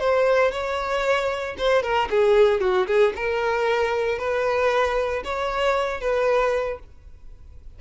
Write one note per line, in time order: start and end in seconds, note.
0.00 0.52 C5
0.52 1.56 C#5
1.58 1.83 C5
1.83 2.09 A#4
2.11 2.61 G#4
2.61 2.87 F#4
2.87 3.14 G#4
3.16 4.19 A#4
4.19 5.23 B4
5.24 6.01 C#5
6.01 6.79 B4